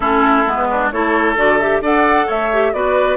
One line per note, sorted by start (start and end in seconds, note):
0.00 0.44 A3
0.00 0.46 C#4
0.00 0.67 E4
0.00 0.54 A4
0.46 0.92 G#3
0.46 0.91 B3
0.56 0.90 B4
0.70 0.92 D4
0.91 1.36 A3
0.91 1.36 E4
0.91 1.82 A4
0.91 1.36 C#5
1.36 1.80 D3
1.36 1.59 F#4
1.36 1.59 D5
1.59 1.83 G4
1.59 1.81 E5
1.80 2.26 D4
1.80 2.51 A4
1.80 2.26 D5
1.80 2.30 F#5
2.26 2.73 A3
2.26 2.72 C#5
2.26 2.73 E5
2.52 2.73 G4
2.73 3.17 B3
2.73 3.17 F#4
2.73 3.17 B4
2.73 3.17 D5